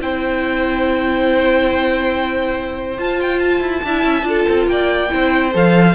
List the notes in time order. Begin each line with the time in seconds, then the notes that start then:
0.00 C4 E4 C5 G5
2.98 F4 A5
3.21 G5
3.40 A5
3.61 E4
3.84 D4 E4 E5
4.04 C#4
4.23 D4 F4 A4
4.49 C4
4.67 A#3 D5 G5
5.10 C4 E4 C5
5.54 F3 A4 F5